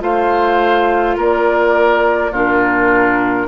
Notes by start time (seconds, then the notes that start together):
0.00 A3 F4 C5 F5
1.16 A#3 A#4 D5
2.31 A#2 D4 F4 A#4